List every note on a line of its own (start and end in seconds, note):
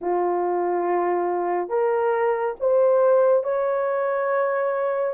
0.01 1.69 F4
1.69 2.54 A#4
2.59 3.43 C5
3.43 5.14 C#5